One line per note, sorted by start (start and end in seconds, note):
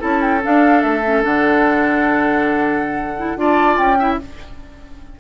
0.00 0.44 C#4
0.00 0.41 E4
0.00 3.37 A4
0.00 0.22 A5
0.22 0.42 G5
0.42 1.03 D4
0.42 0.84 D4
0.42 0.82 F5
0.82 1.24 A3
0.82 1.23 E5
1.04 1.23 C#4
1.23 3.37 D3
1.23 3.17 D4
1.23 3.39 F#5
3.17 3.36 E4
3.36 3.77 D4
3.36 3.98 F4
3.36 3.99 D5
3.36 3.77 A5
3.77 4.19 C#4
3.77 4.18 G5
3.99 4.20 E4
3.99 4.19 E5